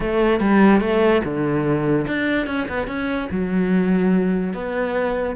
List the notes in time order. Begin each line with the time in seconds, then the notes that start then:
0.00 A3
0.40 G3
0.81 A3
1.24 D3
2.07 D4
2.47 C#4
2.68 B3
2.87 C#4
3.30 F#3
4.53 B3